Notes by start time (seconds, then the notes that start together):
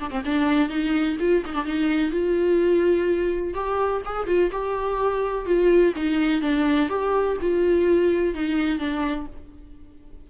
0.00 D4
0.10 C4
0.25 D4
0.69 D#4
1.20 F4
1.46 D#4
1.54 D4
1.65 D#4
2.11 F4
3.54 G4
4.05 G#4
4.27 F4
4.52 G4
5.46 F4
5.96 D#4
6.42 D4
6.89 G4
7.41 F4
8.35 D#4
8.79 D4